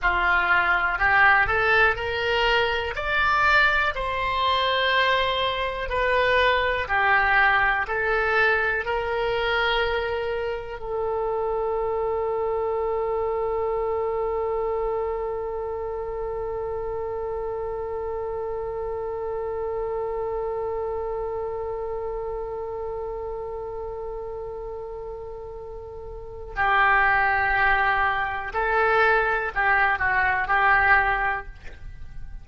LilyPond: \new Staff \with { instrumentName = "oboe" } { \time 4/4 \tempo 4 = 61 f'4 g'8 a'8 ais'4 d''4 | c''2 b'4 g'4 | a'4 ais'2 a'4~ | a'1~ |
a'1~ | a'1~ | a'2. g'4~ | g'4 a'4 g'8 fis'8 g'4 | }